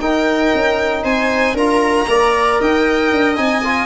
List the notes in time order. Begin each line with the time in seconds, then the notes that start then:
0.00 D#4 A#4 G5
0.55 C#4
1.04 C4 C5 G#5
1.54 D4 F4 A#4 A#5
2.07 A#3 A#4 D5
2.61 D#4 D#5 G5
3.12 D4
3.36 C4 D#4 G#5
3.65 F4